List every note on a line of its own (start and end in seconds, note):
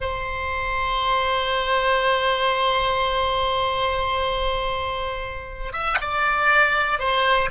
0.00 5.72 C5
5.72 5.97 E5
6.00 6.99 D5
6.99 7.49 C5